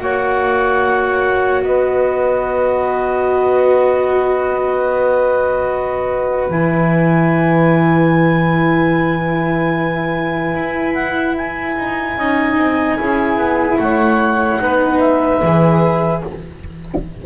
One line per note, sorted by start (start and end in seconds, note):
0.00 1.62 A#3
0.00 6.49 F#4
0.00 1.64 C#5
0.00 1.62 F#5
1.62 6.49 B3
1.62 12.18 B4
1.62 6.48 D#5
6.50 10.55 E3
6.50 12.19 E4
6.50 10.94 G#5
10.55 11.77 E4
10.94 11.35 F#5
11.37 13.79 G#5
11.77 12.17 D#4
12.17 12.58 C#4
12.17 12.98 D#4
12.17 12.98 D#5
12.58 12.98 C4
12.98 13.37 C#4
12.98 14.59 E4
12.98 13.79 G#4
13.37 13.77 B3
13.79 14.60 A3
13.79 14.61 C#5
13.79 14.99 F#5
14.59 15.42 B3
14.59 15.40 D#4
14.59 16.23 B4
14.99 16.21 E5
15.42 16.23 E3
15.42 16.26 G#4